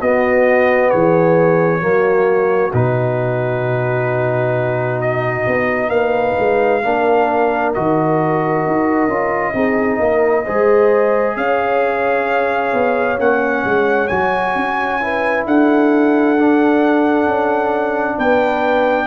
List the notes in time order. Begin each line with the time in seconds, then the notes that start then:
0.00 B3 F#4 D#5
0.90 E3 G#4 C#5
1.80 F#3 A#3 F#4
2.73 B2 D#4 B4
5.02 D#5
5.47 B3
5.89 A#3 B4 F5
6.39 G#3
6.84 A#3 D4 A#4
7.74 D#3 F#4 D#5
8.67 D#4
9.08 C#4 F4
9.54 C4 D#4 G#4
9.99 A#3 A#4
10.45 G#3 G#4 C5
11.37 C#4 C#5 F5
12.74 B3
13.18 A#3 C#4 F#5
13.65 G#3
14.08 F#3 F#4 G#5
14.56 C#4
15.01 E4 B4
15.46 D4 A4 F#5
16.38 D4
17.27 C#4
18.18 B3 B4 G5